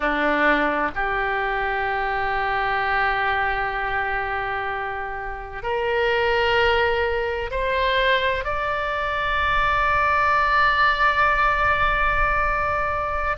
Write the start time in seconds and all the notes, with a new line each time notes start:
0.00 D4
0.95 G4
5.62 A#4
7.50 C5
8.44 D5